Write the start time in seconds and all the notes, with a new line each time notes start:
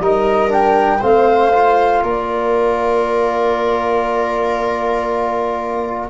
0.00 G3 D#4 A#4 D#5
0.48 D4 G5
0.99 A3 C4 C5 F5
1.53 F4
2.03 A#3 A#4 D5